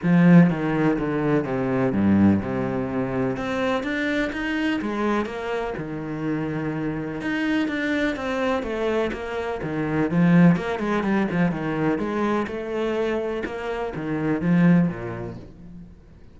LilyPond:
\new Staff \with { instrumentName = "cello" } { \time 4/4 \tempo 4 = 125 f4 dis4 d4 c4 | g,4 c2 c'4 | d'4 dis'4 gis4 ais4 | dis2. dis'4 |
d'4 c'4 a4 ais4 | dis4 f4 ais8 gis8 g8 f8 | dis4 gis4 a2 | ais4 dis4 f4 ais,4 | }